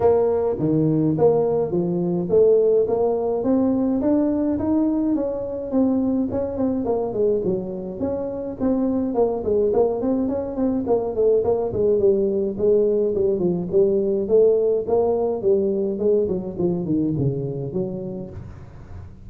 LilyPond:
\new Staff \with { instrumentName = "tuba" } { \time 4/4 \tempo 4 = 105 ais4 dis4 ais4 f4 | a4 ais4 c'4 d'4 | dis'4 cis'4 c'4 cis'8 c'8 | ais8 gis8 fis4 cis'4 c'4 |
ais8 gis8 ais8 c'8 cis'8 c'8 ais8 a8 | ais8 gis8 g4 gis4 g8 f8 | g4 a4 ais4 g4 | gis8 fis8 f8 dis8 cis4 fis4 | }